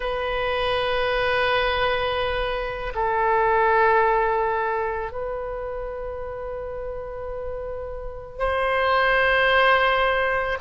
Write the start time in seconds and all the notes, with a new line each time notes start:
0.00 B4
2.95 A4
5.11 B4
8.38 C5